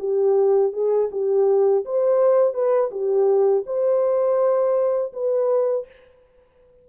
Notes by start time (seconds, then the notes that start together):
0.00 G4
0.73 G#4
1.12 G4
1.85 C5
2.54 B4
2.91 G4
3.67 C5
5.14 B4